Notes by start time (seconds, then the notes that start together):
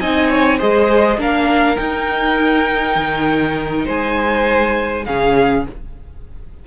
0.00 C4 D#4 D#5 G#5
0.30 C#5
0.57 G#3 G#4 C5 D#5
1.18 A#3 D4 A#4 F5
1.76 D#4 G5
2.95 D#3
3.85 G#3 C5 G#5
5.05 C#3 C#4 G#4 F5